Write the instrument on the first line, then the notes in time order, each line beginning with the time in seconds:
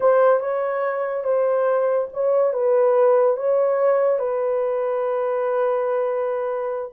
horn
0.00 C5
0.40 C#5
1.24 C5
2.13 C#5
2.53 B4
3.36 C#5
4.18 B4